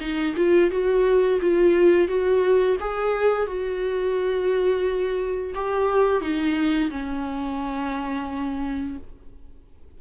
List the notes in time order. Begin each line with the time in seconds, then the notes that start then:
0.00 D#4
0.36 F4
0.71 F#4
1.41 F4
2.08 F#4
2.80 G#4
3.46 F#4
5.55 G4
6.21 D#4
6.90 C#4